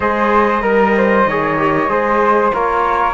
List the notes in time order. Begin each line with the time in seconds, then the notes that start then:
0.00 G#3 G#4 C5 D#5
0.61 G3 A#4
0.97 C5
1.26 D#3 G#4 C#5
1.57 G4
1.88 G#3 G#4 C5
2.53 A#3 F4 A#4 C#5